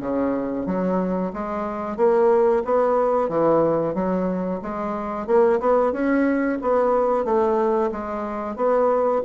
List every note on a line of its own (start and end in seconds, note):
0.00 0.66 C#3
0.66 1.32 F#3
1.33 1.97 G#3
1.97 2.63 A#3
2.65 3.29 B3
3.29 3.95 E3
3.95 4.61 F#3
4.62 5.27 G#3
5.27 5.60 A#3
5.60 5.93 B3
5.93 6.58 C#4
6.62 7.25 B3
7.25 7.91 A3
7.92 8.56 G#3
8.56 9.22 B3